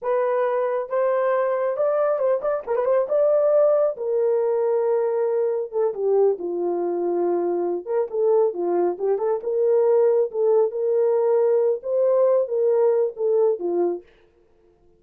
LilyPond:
\new Staff \with { instrumentName = "horn" } { \time 4/4 \tempo 4 = 137 b'2 c''2 | d''4 c''8 d''8 ais'16 b'16 c''8 d''4~ | d''4 ais'2.~ | ais'4 a'8 g'4 f'4.~ |
f'2 ais'8 a'4 f'8~ | f'8 g'8 a'8 ais'2 a'8~ | a'8 ais'2~ ais'8 c''4~ | c''8 ais'4. a'4 f'4 | }